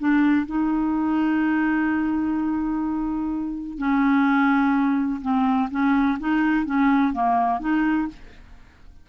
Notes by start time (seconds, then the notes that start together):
0.00 D4
0.46 D#4
3.78 C#4
5.22 C4
5.71 C#4
6.20 D#4
6.66 C#4
7.14 A#3
7.61 D#4